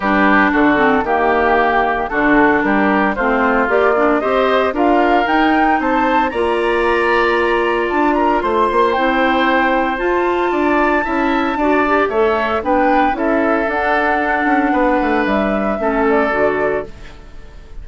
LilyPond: <<
  \new Staff \with { instrumentName = "flute" } { \time 4/4 \tempo 4 = 114 b'4 a'4 g'2 | a'4 ais'4 c''4 d''4 | dis''4 f''4 g''4 a''4 | ais''2. a''8 ais''8 |
c'''4 g''2 a''4~ | a''2. e''4 | g''4 e''4 fis''2~ | fis''4 e''4. d''4. | }
  \new Staff \with { instrumentName = "oboe" } { \time 4/4 g'4 fis'4 g'2 | fis'4 g'4 f'2 | c''4 ais'2 c''4 | d''2.~ d''8 ais'8 |
c''1 | d''4 e''4 d''4 cis''4 | b'4 a'2. | b'2 a'2 | }
  \new Staff \with { instrumentName = "clarinet" } { \time 4/4 d'4. c'8 ais2 | d'2 c'4 g'8 d'8 | g'4 f'4 dis'2 | f'1~ |
f'4 e'2 f'4~ | f'4 e'4 fis'8 g'8 a'4 | d'4 e'4 d'2~ | d'2 cis'4 fis'4 | }
  \new Staff \with { instrumentName = "bassoon" } { \time 4/4 g4 d4 dis2 | d4 g4 a4 ais4 | c'4 d'4 dis'4 c'4 | ais2. d'4 |
a8 ais8 c'2 f'4 | d'4 cis'4 d'4 a4 | b4 cis'4 d'4. cis'8 | b8 a8 g4 a4 d4 | }
>>